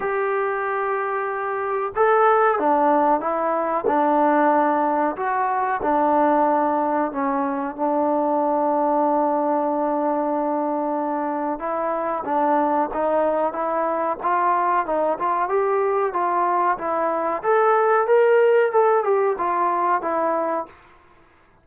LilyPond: \new Staff \with { instrumentName = "trombone" } { \time 4/4 \tempo 4 = 93 g'2. a'4 | d'4 e'4 d'2 | fis'4 d'2 cis'4 | d'1~ |
d'2 e'4 d'4 | dis'4 e'4 f'4 dis'8 f'8 | g'4 f'4 e'4 a'4 | ais'4 a'8 g'8 f'4 e'4 | }